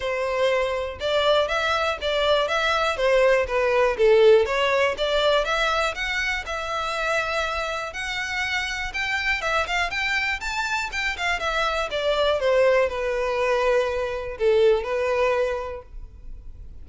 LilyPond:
\new Staff \with { instrumentName = "violin" } { \time 4/4 \tempo 4 = 121 c''2 d''4 e''4 | d''4 e''4 c''4 b'4 | a'4 cis''4 d''4 e''4 | fis''4 e''2. |
fis''2 g''4 e''8 f''8 | g''4 a''4 g''8 f''8 e''4 | d''4 c''4 b'2~ | b'4 a'4 b'2 | }